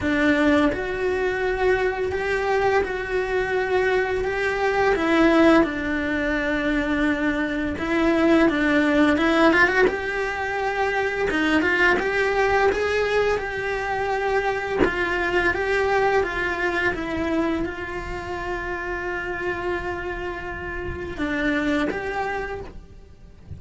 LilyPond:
\new Staff \with { instrumentName = "cello" } { \time 4/4 \tempo 4 = 85 d'4 fis'2 g'4 | fis'2 g'4 e'4 | d'2. e'4 | d'4 e'8 f'16 fis'16 g'2 |
dis'8 f'8 g'4 gis'4 g'4~ | g'4 f'4 g'4 f'4 | e'4 f'2.~ | f'2 d'4 g'4 | }